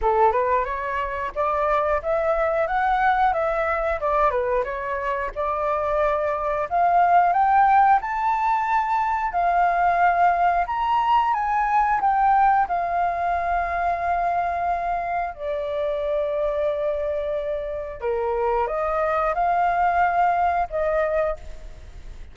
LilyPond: \new Staff \with { instrumentName = "flute" } { \time 4/4 \tempo 4 = 90 a'8 b'8 cis''4 d''4 e''4 | fis''4 e''4 d''8 b'8 cis''4 | d''2 f''4 g''4 | a''2 f''2 |
ais''4 gis''4 g''4 f''4~ | f''2. d''4~ | d''2. ais'4 | dis''4 f''2 dis''4 | }